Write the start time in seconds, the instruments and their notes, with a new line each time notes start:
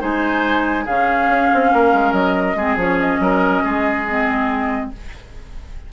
0.00 bassoon G#3, clarinet D#4, oboe C5, flute G#5
0.85 bassoon C#3, clarinet C#4, oboe G#4, flute F5
1.29 bassoon C#4
1.54 bassoon C4
1.73 bassoon A#3, oboe A#4
1.94 bassoon G#3
2.13 bassoon F#3, flute D#5
2.55 bassoon G#3, clarinet C4, oboe G#4
2.76 bassoon F3, clarinet C#4, flute C#5
3.00 flute D#5
3.20 bassoon F#3, oboe A#4
3.64 bassoon G#3, oboe G#4
4.08 clarinet C4